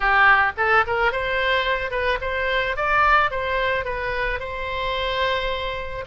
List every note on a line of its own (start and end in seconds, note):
0.00 0.52 G4
0.57 0.84 A4
0.86 1.12 A#4
1.12 1.91 C5
1.91 2.18 B4
2.21 2.76 C5
2.76 3.31 D5
3.31 3.84 C5
3.84 4.39 B4
4.39 6.04 C5